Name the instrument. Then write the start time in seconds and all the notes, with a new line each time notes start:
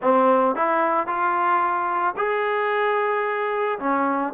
trombone
0.01 C4
0.55 E4
1.06 F4
2.16 G#4
3.79 C#4